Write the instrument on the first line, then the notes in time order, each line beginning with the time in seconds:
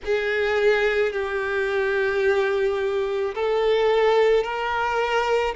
violin
0.05 G#4
1.12 G4
3.34 A4
4.43 A#4